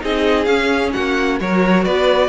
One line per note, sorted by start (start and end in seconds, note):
0.00 0.46 C4
0.00 0.46 D#4
0.00 0.94 G#4
0.00 0.44 D#5
0.44 0.92 C#4
0.44 1.40 C#4
0.44 0.90 F5
0.93 1.40 A#3
0.93 1.40 F#4
0.93 1.38 F#5
1.40 1.86 F#3
1.40 2.28 F#4
1.40 1.84 A#4
1.40 1.84 C#5
1.84 2.28 B3
1.84 2.28 B4
1.84 2.28 D5